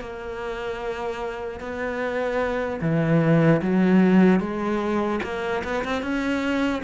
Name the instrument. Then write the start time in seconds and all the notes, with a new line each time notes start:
cello
0.00 A#3
1.60 B3
2.81 E3
3.62 F#3
4.40 G#3
5.23 A#3
5.64 B3
5.84 C4
6.02 C#4